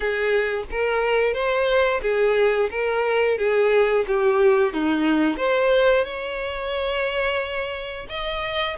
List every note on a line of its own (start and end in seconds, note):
0.00 0.64 G#4
0.70 1.33 A#4
1.33 2.00 C5
2.02 2.69 G#4
2.71 3.37 A#4
3.37 4.05 G#4
4.07 4.73 G4
4.73 5.37 D#4
5.37 6.04 C5
6.04 8.06 C#5
8.09 8.76 D#5